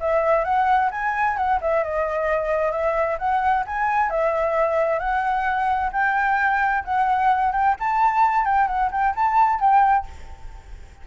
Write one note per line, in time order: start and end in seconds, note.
0.00 0.44 E5
0.44 0.90 F#5
0.91 1.37 G#5
1.37 1.59 F#5
1.61 1.83 E5
1.83 2.72 D#5
2.72 3.17 E5
3.18 3.64 F#5
3.66 4.10 G#5
4.10 4.99 E5
4.99 5.91 F#5
5.93 6.84 G5
6.84 7.52 F#5
7.52 7.75 G5
7.79 8.45 A5
8.45 8.68 G5
8.68 8.90 F#5
8.91 9.14 G5
9.15 9.60 A5
9.60 10.06 G5